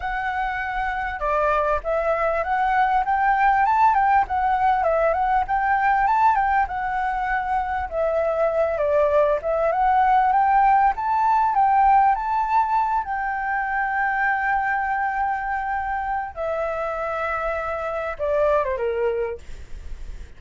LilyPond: \new Staff \with { instrumentName = "flute" } { \time 4/4 \tempo 4 = 99 fis''2 d''4 e''4 | fis''4 g''4 a''8 g''8 fis''4 | e''8 fis''8 g''4 a''8 g''8 fis''4~ | fis''4 e''4. d''4 e''8 |
fis''4 g''4 a''4 g''4 | a''4. g''2~ g''8~ | g''2. e''4~ | e''2 d''8. c''16 ais'4 | }